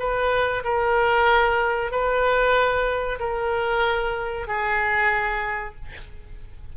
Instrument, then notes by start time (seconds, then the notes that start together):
oboe
0.00 B4
0.65 A#4
1.92 B4
3.20 A#4
4.48 G#4